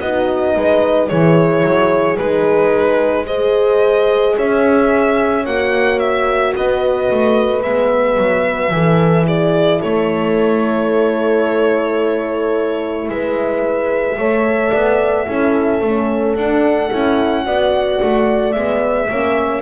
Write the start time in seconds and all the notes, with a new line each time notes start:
0.00 B3 D#4 F#4 D#5
0.55 G#3 B4
1.08 E3 E4 G#4 C#5
1.63 F#3
2.17 G#3 D#4 B4
3.26 G#4 C5 D#5
4.37 C#4 C#5 E5
5.46 A#3 F#4 F#5
5.99 E5
6.55 B3 B4 D#5
7.11 A3
7.62 G#3 B3 E5
8.17 F#3
8.71 E3 E4 A4
9.26 G#4 D5
9.79 A3 A4 C#5
13.08 G#3 B4 E5
14.18 A3 A4 C#5
14.71 B3 D5
15.26 C#4 E4 A4
15.81 A3 C#4
16.35 D4 F#5
16.90 C#4 E4
17.44 B3 F#4 D5
18.03 A3
18.52 G#3 B3 E5
19.09 A#3 C#4 C#5